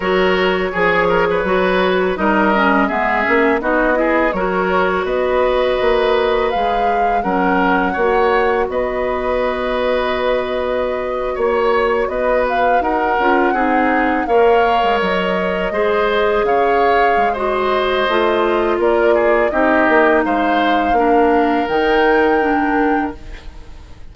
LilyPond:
<<
  \new Staff \with { instrumentName = "flute" } { \time 4/4 \tempo 4 = 83 cis''2. dis''4 | e''4 dis''4 cis''4 dis''4~ | dis''4 f''4 fis''2 | dis''2.~ dis''8. cis''16~ |
cis''8. dis''8 f''8 fis''2 f''16~ | f''8. dis''2 f''4~ f''16 | dis''2 d''4 dis''4 | f''2 g''2 | }
  \new Staff \with { instrumentName = "oboe" } { \time 4/4 ais'4 gis'8 ais'16 b'4~ b'16 ais'4 | gis'4 fis'8 gis'8 ais'4 b'4~ | b'2 ais'4 cis''4 | b'2.~ b'8. cis''16~ |
cis''8. b'4 ais'4 gis'4 cis''16~ | cis''4.~ cis''16 c''4 cis''4~ cis''16 | c''2 ais'8 gis'8 g'4 | c''4 ais'2. | }
  \new Staff \with { instrumentName = "clarinet" } { \time 4/4 fis'4 gis'4 fis'4 dis'8 cis'8 | b8 cis'8 dis'8 e'8 fis'2~ | fis'4 gis'4 cis'4 fis'4~ | fis'1~ |
fis'2~ fis'16 f'8 dis'4 ais'16~ | ais'4.~ ais'16 gis'2~ gis'16 | fis'4 f'2 dis'4~ | dis'4 d'4 dis'4 d'4 | }
  \new Staff \with { instrumentName = "bassoon" } { \time 4/4 fis4 f4 fis4 g4 | gis8 ais8 b4 fis4 b4 | ais4 gis4 fis4 ais4 | b2.~ b8. ais16~ |
ais8. b4 dis'8 cis'8 c'4 ais16~ | ais8 gis16 fis4 gis4 cis4 gis16~ | gis4 a4 ais4 c'8 ais8 | gis4 ais4 dis2 | }
>>